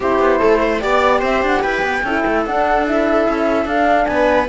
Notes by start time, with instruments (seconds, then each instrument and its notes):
0.00 cello C4, horn E4, viola G4, flute C5
0.19 cello B3
0.39 cello A3, viola A4
0.60 viola C5
0.80 cello B3, horn G4, flute D5, viola D5
1.19 cello C4, viola C5, flute E5
1.42 cello D4, flute F#5
1.62 cello E4, viola B4, flute G5
1.82 cello B3
2.03 cello C#4, horn E4, viola A4
2.26 cello A3
2.45 cello D4, horn D4, flute F#5
2.85 horn E4, flute E5
3.28 cello C#4
3.65 cello D4, horn D4, flute F5
4.05 cello B3, viola B4, flute G#5